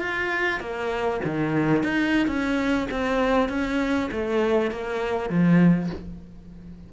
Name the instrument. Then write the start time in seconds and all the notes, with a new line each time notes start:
cello
0.00 F4
0.60 A#3
1.25 D#3
1.83 D#4
2.28 C#4
2.91 C4
3.49 C#4
4.12 A3
4.71 A#3
5.30 F3